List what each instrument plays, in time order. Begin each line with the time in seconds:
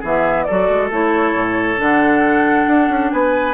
0.00 bassoon E3, clarinet B3, oboe G#4, flute E5
0.44 clarinet F#4, oboe A4, flute D5
0.50 bassoon F#3
0.70 bassoon G#3
0.90 bassoon A3, clarinet E4, flute C#5
1.34 bassoon A2
1.77 bassoon D3, clarinet D4, flute F#5
2.67 bassoon D4
2.89 bassoon C#4
3.11 bassoon B3, oboe B4, flute G#5